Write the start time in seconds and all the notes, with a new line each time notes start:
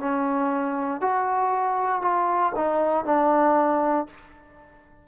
0.00 C#4
1.02 F#4
2.02 F4
2.57 D#4
3.06 D4